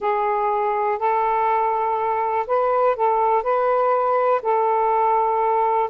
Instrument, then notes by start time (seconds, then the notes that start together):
saxophone
0.00 G#4
0.98 A4
2.46 B4
2.96 A4
3.42 B4
4.42 A4